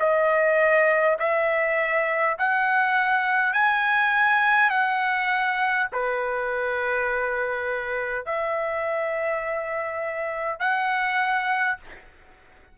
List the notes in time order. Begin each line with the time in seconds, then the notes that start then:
0.00 D#5
1.19 E5
2.39 F#5
3.53 G#5
4.71 F#5
5.93 B4
8.26 E5
10.60 F#5